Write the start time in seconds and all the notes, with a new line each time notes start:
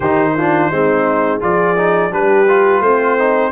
0.00 D#3 D#4 G4 C5
0.36 D4 F4
0.70 G#3 C4 D#4
1.40 F3 F4 G#4 D5
1.77 D#4
2.11 G3 D4 G4 B4
2.48 F4
2.80 A3 C4 C5
3.18 D#4